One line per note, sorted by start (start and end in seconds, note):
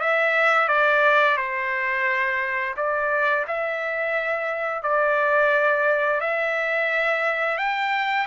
0.00 0.68 E5
0.68 1.37 D5
1.37 2.75 C5
2.76 3.45 D5
3.47 4.83 E5
4.83 6.20 D5
6.20 7.58 E5
7.58 8.27 G5